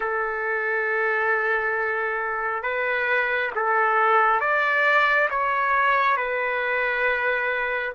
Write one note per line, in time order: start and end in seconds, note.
0.00 2.62 A4
2.62 3.51 B4
3.55 4.40 A4
4.40 5.28 D5
5.30 6.16 C#5
6.16 7.93 B4